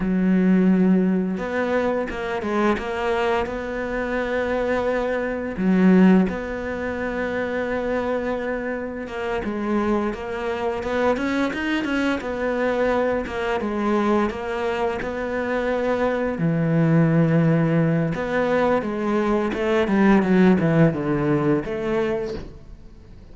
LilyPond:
\new Staff \with { instrumentName = "cello" } { \time 4/4 \tempo 4 = 86 fis2 b4 ais8 gis8 | ais4 b2. | fis4 b2.~ | b4 ais8 gis4 ais4 b8 |
cis'8 dis'8 cis'8 b4. ais8 gis8~ | gis8 ais4 b2 e8~ | e2 b4 gis4 | a8 g8 fis8 e8 d4 a4 | }